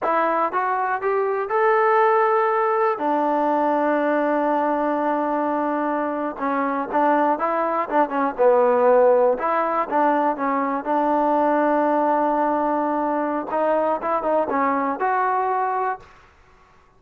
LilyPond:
\new Staff \with { instrumentName = "trombone" } { \time 4/4 \tempo 4 = 120 e'4 fis'4 g'4 a'4~ | a'2 d'2~ | d'1~ | d'8. cis'4 d'4 e'4 d'16~ |
d'16 cis'8 b2 e'4 d'16~ | d'8. cis'4 d'2~ d'16~ | d'2. dis'4 | e'8 dis'8 cis'4 fis'2 | }